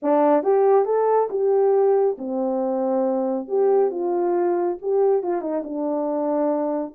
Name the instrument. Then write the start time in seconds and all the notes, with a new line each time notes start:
horn
0.02 D4
0.43 G4
0.85 A4
1.30 G4
2.18 C4
3.47 G4
3.90 F4
4.81 G4
5.23 F4
5.41 D#4
5.64 D4